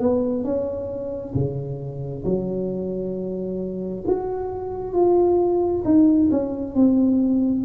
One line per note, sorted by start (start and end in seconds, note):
0.00 0.44 B3
0.44 1.34 C#4
1.35 2.24 C#3
2.25 4.04 F#3
4.08 4.94 F#4
4.94 5.83 F4
5.85 6.30 D#4
6.32 6.75 C#4
6.75 7.64 C4